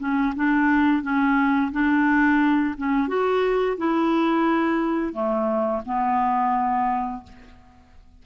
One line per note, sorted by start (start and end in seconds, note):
0.00 0.34 C#4
0.36 1.03 D4
1.03 1.72 C#4
1.72 2.76 D4
2.78 3.08 C#4
3.08 3.77 F#4
3.78 5.13 E4
5.13 5.82 A3
5.86 7.24 B3